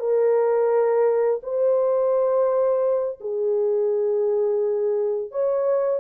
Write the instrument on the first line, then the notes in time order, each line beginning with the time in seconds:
horn
0.00 A#4
1.43 C5
3.21 G#4
5.31 C#5